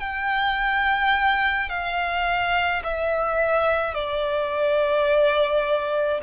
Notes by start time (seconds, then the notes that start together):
0.00 G5
1.70 F5
2.85 E5
3.95 D5